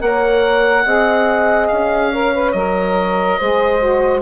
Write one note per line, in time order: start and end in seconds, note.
0.00 0.86 A#3
0.00 0.85 A#4
0.00 0.86 C#5
0.00 1.68 F#5
0.86 1.70 C4
0.86 2.13 G#4
0.86 2.12 D#5
1.68 2.54 C#4
1.68 2.52 F5
2.12 2.34 A#4
2.12 3.39 C#5
2.34 2.55 B4
2.52 3.39 F#3
2.52 3.41 A#4
2.52 4.21 D#5
3.39 4.22 G#3
3.39 3.80 G#4
3.39 4.22 C5
3.80 4.22 F#4